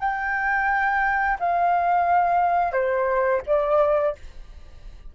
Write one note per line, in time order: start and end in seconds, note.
0.00 1.38 G5
1.40 2.72 F5
2.72 3.41 C5
3.46 4.15 D5